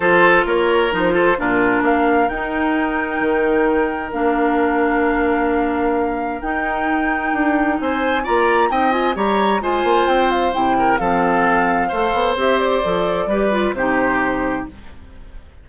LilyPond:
<<
  \new Staff \with { instrumentName = "flute" } { \time 4/4 \tempo 4 = 131 c''4 cis''4 c''4 ais'4 | f''4 g''2.~ | g''4 f''2.~ | f''2 g''2~ |
g''4 gis''4 ais''4 g''8 gis''8 | ais''4 gis''4 g''8 f''8 g''4 | f''2. e''8 d''8~ | d''2 c''2 | }
  \new Staff \with { instrumentName = "oboe" } { \time 4/4 a'4 ais'4. a'8 f'4 | ais'1~ | ais'1~ | ais'1~ |
ais'4 c''4 d''4 dis''4 | cis''4 c''2~ c''8 ais'8 | a'2 c''2~ | c''4 b'4 g'2 | }
  \new Staff \with { instrumentName = "clarinet" } { \time 4/4 f'2 dis'8 f'8 d'4~ | d'4 dis'2.~ | dis'4 d'2.~ | d'2 dis'2~ |
dis'2 f'4 dis'8 f'8 | g'4 f'2 e'4 | c'2 a'4 g'4 | a'4 g'8 f'8 dis'2 | }
  \new Staff \with { instrumentName = "bassoon" } { \time 4/4 f4 ais4 f4 ais,4 | ais4 dis'2 dis4~ | dis4 ais2.~ | ais2 dis'2 |
d'4 c'4 ais4 c'4 | g4 gis8 ais8 c'4 c4 | f2 a8 b8 c'4 | f4 g4 c2 | }
>>